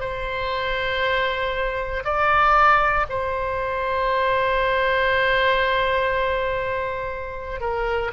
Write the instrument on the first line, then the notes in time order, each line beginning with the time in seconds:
oboe
0.00 C5
2.04 D5
3.09 C5
7.60 A#4